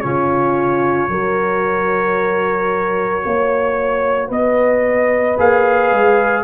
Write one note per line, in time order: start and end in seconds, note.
0.00 1.09 C#3
0.00 1.09 C#4
0.00 1.10 F4
0.00 4.29 C#5
1.09 3.23 F#3
1.09 5.37 F#4
1.09 3.24 A#4
3.25 4.29 A#3
3.25 4.28 C#5
4.28 5.36 B3
4.28 6.42 B4
4.28 5.38 D#5
5.37 5.91 A#3
5.37 6.44 G#4
5.37 6.44 F5
5.91 6.44 G#3